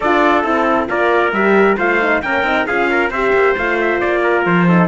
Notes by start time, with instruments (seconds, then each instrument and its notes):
0.00 cello D4, horn F4, trumpet A4 D5
0.43 cello C4, horn E4, trumpet A4
0.88 cello A#3, horn F4, trumpet A#4 D5
1.31 cello G3, horn G4, trumpet E5
1.77 cello A3, horn F4, trumpet C5 F5
2.00 horn D#4
2.21 cello A#3, horn C#4, trumpet A#4 G5
2.43 cello C4, horn D#4
2.66 cello C#4, horn F4, trumpet G#4 F5
2.90 trumpet A#4
3.10 cello C4, horn G4, trumpet C5 E5
3.33 cello A#3
3.57 cello A3, horn F4, trumpet F5
3.80 trumpet E5
4.00 cello A#3, trumpet D5
4.23 trumpet A#4
4.45 cello F3, trumpet C5
4.67 horn D#4, trumpet A4